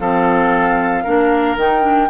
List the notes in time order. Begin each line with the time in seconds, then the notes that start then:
0.00 F3 C4 A4 F5
1.04 A#3 D4 A#4
1.57 D#3 D#4 G5
1.82 D4